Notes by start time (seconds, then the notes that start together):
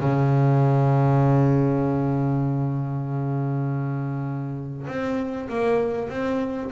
0.00 C#3
4.88 C4
5.49 A#3
6.09 C4